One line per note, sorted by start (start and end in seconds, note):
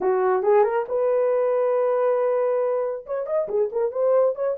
0.00 0.42 F#4
0.42 0.63 G#4
0.63 0.85 A#4
0.88 3.05 B4
3.06 3.26 C#5
3.26 3.48 D#5
3.48 3.70 G#4
3.72 3.91 A#4
3.91 4.35 C5
4.35 4.56 C#5